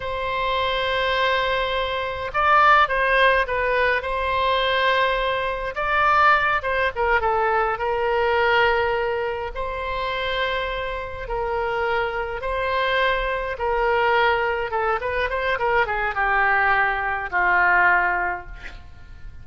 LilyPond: \new Staff \with { instrumentName = "oboe" } { \time 4/4 \tempo 4 = 104 c''1 | d''4 c''4 b'4 c''4~ | c''2 d''4. c''8 | ais'8 a'4 ais'2~ ais'8~ |
ais'8 c''2. ais'8~ | ais'4. c''2 ais'8~ | ais'4. a'8 b'8 c''8 ais'8 gis'8 | g'2 f'2 | }